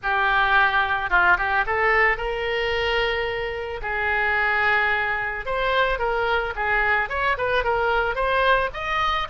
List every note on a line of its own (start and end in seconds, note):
0.02 1.09 G4
1.09 1.37 F4
1.37 1.65 G4
1.66 2.17 A4
2.17 3.81 A#4
3.82 5.45 G#4
5.45 5.99 C5
5.99 6.53 A#4
6.55 7.09 G#4
7.09 7.36 C#5
7.37 7.64 B4
7.64 8.15 A#4
8.15 8.69 C5
8.73 9.28 D#5